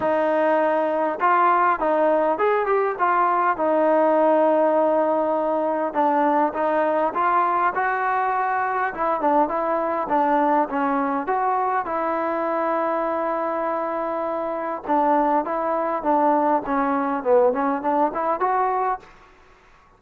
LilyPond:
\new Staff \with { instrumentName = "trombone" } { \time 4/4 \tempo 4 = 101 dis'2 f'4 dis'4 | gis'8 g'8 f'4 dis'2~ | dis'2 d'4 dis'4 | f'4 fis'2 e'8 d'8 |
e'4 d'4 cis'4 fis'4 | e'1~ | e'4 d'4 e'4 d'4 | cis'4 b8 cis'8 d'8 e'8 fis'4 | }